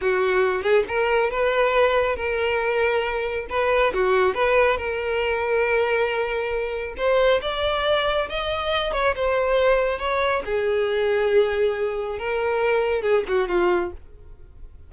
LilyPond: \new Staff \with { instrumentName = "violin" } { \time 4/4 \tempo 4 = 138 fis'4. gis'8 ais'4 b'4~ | b'4 ais'2. | b'4 fis'4 b'4 ais'4~ | ais'1 |
c''4 d''2 dis''4~ | dis''8 cis''8 c''2 cis''4 | gis'1 | ais'2 gis'8 fis'8 f'4 | }